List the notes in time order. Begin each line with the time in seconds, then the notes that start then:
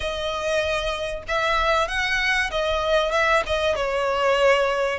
0.00 D#5
1.28 E5
1.88 F#5
2.51 D#5
3.11 E5
3.46 D#5
3.75 C#5